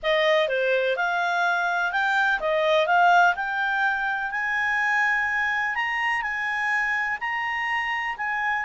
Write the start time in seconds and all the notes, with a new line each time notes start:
0.02 D#5
0.48 C5
0.96 F5
1.91 G5
2.40 D#5
2.87 F5
3.35 G5
4.31 G#5
5.75 A#5
6.22 G#5
7.20 A#5
8.17 G#5